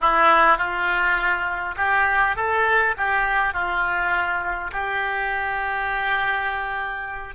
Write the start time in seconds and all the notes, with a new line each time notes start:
0.01 E4
0.57 F4
1.76 G4
2.36 A4
2.97 G4
3.53 F4
4.72 G4